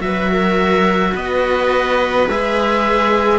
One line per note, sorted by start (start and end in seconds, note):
0.00 1.13 F#3
0.00 2.26 F#4
0.00 0.31 B4
0.00 1.14 E5
0.32 1.13 A#4
1.13 2.28 B3
1.13 3.39 B4
1.13 2.29 D#5
2.28 3.39 G#3
2.28 3.39 G#4
2.28 3.39 E5